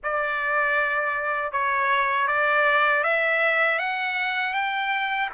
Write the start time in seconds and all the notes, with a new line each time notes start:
0.03 D5
1.52 C#5
2.27 D5
3.03 E5
3.78 F#5
4.53 G5